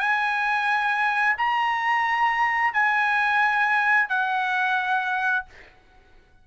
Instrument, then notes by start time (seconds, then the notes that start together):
trumpet
0.00 G#5
1.38 A#5
2.74 G#5
4.09 F#5